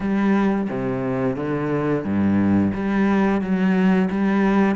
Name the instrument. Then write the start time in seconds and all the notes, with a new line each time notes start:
cello
0.00 G3
0.69 C3
1.36 D3
2.04 G2
2.73 G3
3.41 F#3
4.10 G3